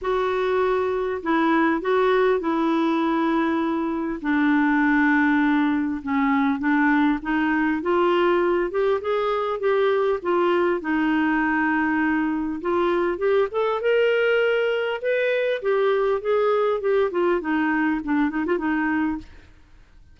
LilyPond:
\new Staff \with { instrumentName = "clarinet" } { \time 4/4 \tempo 4 = 100 fis'2 e'4 fis'4 | e'2. d'4~ | d'2 cis'4 d'4 | dis'4 f'4. g'8 gis'4 |
g'4 f'4 dis'2~ | dis'4 f'4 g'8 a'8 ais'4~ | ais'4 b'4 g'4 gis'4 | g'8 f'8 dis'4 d'8 dis'16 f'16 dis'4 | }